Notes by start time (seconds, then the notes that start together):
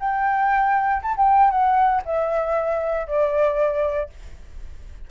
0.00 G5
1.03 A5
1.17 G5
1.51 F#5
2.06 E5
3.07 D5